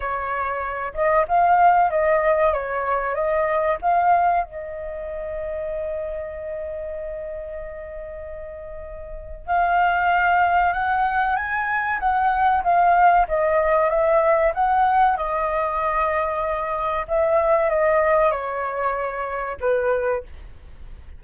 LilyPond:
\new Staff \with { instrumentName = "flute" } { \time 4/4 \tempo 4 = 95 cis''4. dis''8 f''4 dis''4 | cis''4 dis''4 f''4 dis''4~ | dis''1~ | dis''2. f''4~ |
f''4 fis''4 gis''4 fis''4 | f''4 dis''4 e''4 fis''4 | dis''2. e''4 | dis''4 cis''2 b'4 | }